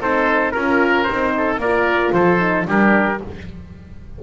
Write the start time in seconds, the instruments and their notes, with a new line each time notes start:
0.00 double bass C4, horn D#4, oboe A4, trumpet C5
0.51 double bass C#4, horn F4, trumpet A#4, oboe A#4
1.04 horn D#4, trumpet C5
1.10 double bass C4
1.37 oboe A4
1.58 double bass A#3, horn F4, oboe A#4, trumpet D5
2.13 double bass F3, oboe A4, trumpet C5
2.39 horn D#4
2.65 double bass G3, horn D4, oboe G4, trumpet A#4